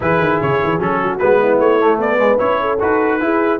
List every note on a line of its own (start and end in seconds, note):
0.00 0.20 E3
0.00 0.79 E4
0.00 1.01 G#4
0.00 0.41 B4
0.20 0.40 D#3
0.41 0.61 C#3
0.41 0.81 C#5
0.63 0.78 E3
0.78 1.18 F#3
0.78 1.19 C#4
0.78 1.18 A4
1.03 1.40 F#4
1.18 1.59 G#3
1.18 1.79 B3
1.18 1.58 B4
1.40 2.00 E4
1.59 1.98 A3
1.59 2.00 C#5
1.79 2.18 A3
1.98 2.38 B3
1.98 2.61 B4
1.98 2.38 D5
2.18 2.38 G#3
2.38 2.81 C#4
2.38 2.78 E4
2.38 2.78 C#5
2.61 3.21 A4
2.80 3.21 D#4
2.80 3.20 F#4
2.80 3.59 B4
3.20 3.59 E4
3.20 3.59 G#4